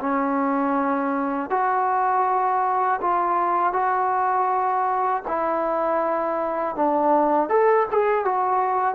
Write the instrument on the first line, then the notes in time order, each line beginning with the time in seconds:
trombone
0.00 C#4
1.50 F#4
3.01 F4
3.73 F#4
5.28 E4
6.76 D4
7.49 A4
7.91 G#4
8.25 F#4